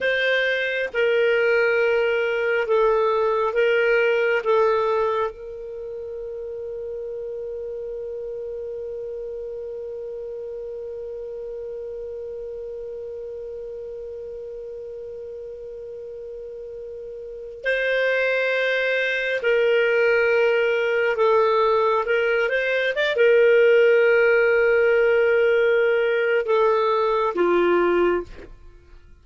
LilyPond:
\new Staff \with { instrumentName = "clarinet" } { \time 4/4 \tempo 4 = 68 c''4 ais'2 a'4 | ais'4 a'4 ais'2~ | ais'1~ | ais'1~ |
ais'1 | c''2 ais'2 | a'4 ais'8 c''8 d''16 ais'4.~ ais'16~ | ais'2 a'4 f'4 | }